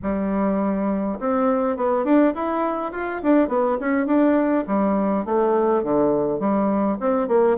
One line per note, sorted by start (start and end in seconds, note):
0.02 1.19 G3
1.19 1.76 C4
1.76 2.04 B3
2.04 2.33 D4
2.34 2.92 E4
2.92 3.21 F4
3.23 3.48 D4
3.48 3.77 B3
3.79 4.06 C#4
4.06 4.64 D4
4.67 5.25 G3
5.25 5.83 A3
5.83 6.39 D3
6.39 6.97 G3
7.00 7.28 C4
7.28 7.57 A#3